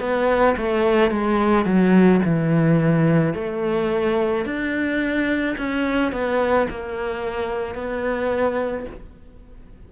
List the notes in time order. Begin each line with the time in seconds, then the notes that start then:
0.00 B3
0.57 A3
1.11 G#3
1.65 F#3
2.25 E3
3.34 A3
4.45 D4
5.58 C#4
6.12 B3
6.70 A#3
7.75 B3